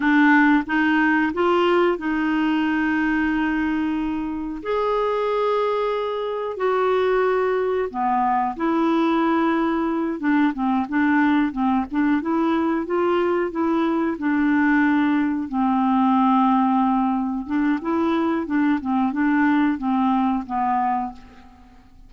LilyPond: \new Staff \with { instrumentName = "clarinet" } { \time 4/4 \tempo 4 = 91 d'4 dis'4 f'4 dis'4~ | dis'2. gis'4~ | gis'2 fis'2 | b4 e'2~ e'8 d'8 |
c'8 d'4 c'8 d'8 e'4 f'8~ | f'8 e'4 d'2 c'8~ | c'2~ c'8 d'8 e'4 | d'8 c'8 d'4 c'4 b4 | }